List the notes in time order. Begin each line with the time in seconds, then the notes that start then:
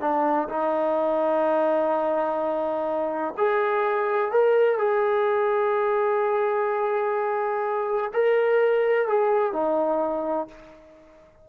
0.00 D4
0.48 D#4
3.37 G#4
4.31 A#4
4.78 G#4
8.13 A#4
9.08 G#4
9.52 D#4